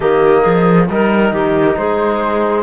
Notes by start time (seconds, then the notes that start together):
0.00 D#3 A#3 G4 D#5
0.42 F3 G#4
0.89 G3 D#4 A#4
1.31 D#3 G4
1.76 G#3 G#4 C5